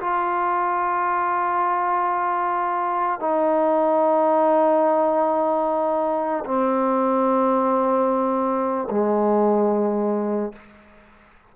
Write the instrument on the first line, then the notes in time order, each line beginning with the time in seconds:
trombone
0.00 F4
3.20 D#4
6.45 C4
8.90 G#3